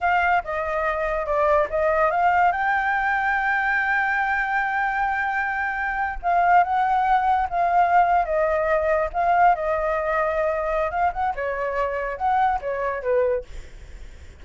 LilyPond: \new Staff \with { instrumentName = "flute" } { \time 4/4 \tempo 4 = 143 f''4 dis''2 d''4 | dis''4 f''4 g''2~ | g''1~ | g''2~ g''8. f''4 fis''16~ |
fis''4.~ fis''16 f''2 dis''16~ | dis''4.~ dis''16 f''4 dis''4~ dis''16~ | dis''2 f''8 fis''8 cis''4~ | cis''4 fis''4 cis''4 b'4 | }